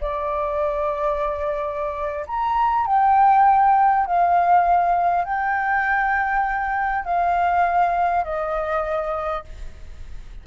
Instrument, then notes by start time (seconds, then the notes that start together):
flute
0.00 D5
2.27 A#5
2.86 G5
4.06 F5
5.24 G5
7.04 F5
8.24 D#5